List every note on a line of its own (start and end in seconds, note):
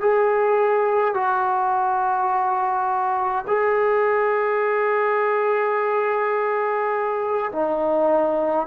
0.00 1.14 G#4
1.14 3.45 F#4
3.47 7.51 G#4
7.52 8.67 D#4